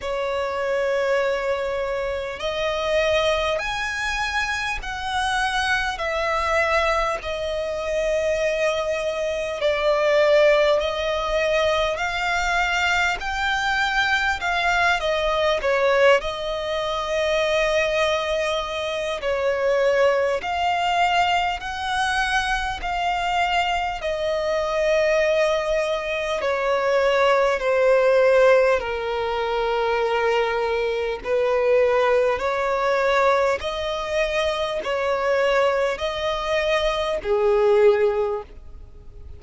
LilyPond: \new Staff \with { instrumentName = "violin" } { \time 4/4 \tempo 4 = 50 cis''2 dis''4 gis''4 | fis''4 e''4 dis''2 | d''4 dis''4 f''4 g''4 | f''8 dis''8 cis''8 dis''2~ dis''8 |
cis''4 f''4 fis''4 f''4 | dis''2 cis''4 c''4 | ais'2 b'4 cis''4 | dis''4 cis''4 dis''4 gis'4 | }